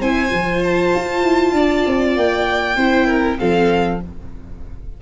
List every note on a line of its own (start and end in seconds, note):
0.00 0.31 C4
0.00 0.29 E4
0.00 1.53 C5
0.00 0.63 G#5
0.29 0.93 F3
0.29 2.74 F4
0.64 2.17 A5
0.94 1.23 F4
1.23 1.52 E4
1.52 1.83 D4
1.52 2.76 D5
1.86 2.16 C4
2.16 2.76 A#3
2.16 3.39 G5
2.76 3.37 C4
2.76 3.38 E4
2.76 3.07 C5
3.07 3.37 A#4
3.38 4.02 F3
3.38 4.00 C4
3.38 4.01 A4
3.38 4.00 F5